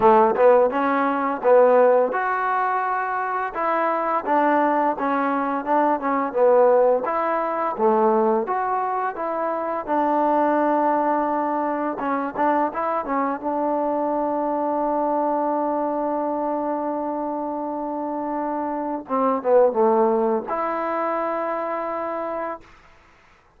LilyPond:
\new Staff \with { instrumentName = "trombone" } { \time 4/4 \tempo 4 = 85 a8 b8 cis'4 b4 fis'4~ | fis'4 e'4 d'4 cis'4 | d'8 cis'8 b4 e'4 a4 | fis'4 e'4 d'2~ |
d'4 cis'8 d'8 e'8 cis'8 d'4~ | d'1~ | d'2. c'8 b8 | a4 e'2. | }